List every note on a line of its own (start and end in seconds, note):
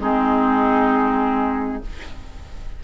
0.00 1.82 G#3
0.00 1.82 C4
0.00 1.82 D#4
0.00 1.84 G#4